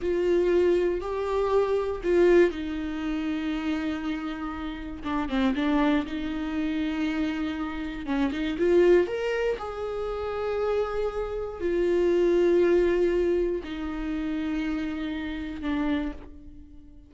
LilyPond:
\new Staff \with { instrumentName = "viola" } { \time 4/4 \tempo 4 = 119 f'2 g'2 | f'4 dis'2.~ | dis'2 d'8 c'8 d'4 | dis'1 |
cis'8 dis'8 f'4 ais'4 gis'4~ | gis'2. f'4~ | f'2. dis'4~ | dis'2. d'4 | }